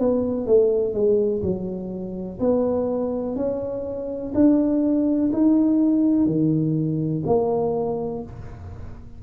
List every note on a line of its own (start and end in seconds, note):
0.00 0.47 B3
0.47 0.94 A3
0.94 1.43 G#3
1.43 2.40 F#3
2.40 3.37 B3
3.37 4.33 C#4
4.35 5.32 D4
5.33 6.26 D#4
6.26 7.23 D#3
7.27 8.23 A#3